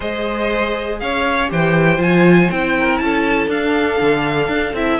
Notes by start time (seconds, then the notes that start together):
0.00 G#3 G#4 C5 D#5
0.99 C#4 C#5 F5
1.48 E3 G4 C5 G5
1.98 F3 F4 G#5
2.50 C4 E4 G5
2.78 A#4
2.97 C#4 A5
3.04 A4
3.47 D4 F5
4.00 D3
4.48 D4
4.73 C4 E4 E5